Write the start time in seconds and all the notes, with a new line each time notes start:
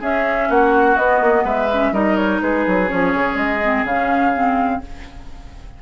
0.00 C#4 G#4 E5
0.49 A#3 F#4 F#5
0.96 B3 D#5
1.20 A#3
1.43 G#3 B4 E5
1.72 C#4
1.92 G3 D#4 A#4 D#5
2.16 C#5
2.41 G#3 G#4 B4
2.66 F#3
2.87 F3 C#4 C#5
3.14 C#3
3.35 G#3 D#5
3.63 C4
3.84 C#3 C#4 F5
4.33 C4